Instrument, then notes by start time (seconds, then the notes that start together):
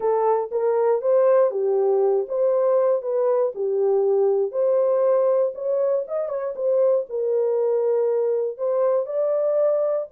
horn
0.00 A4
0.51 A#4
1.01 C5
1.51 G4
2.28 C5
3.02 B4
3.54 G4
4.51 C5
5.54 C#5
6.07 D#5
6.29 C#5
6.55 C5
7.09 A#4
8.57 C5
9.06 D5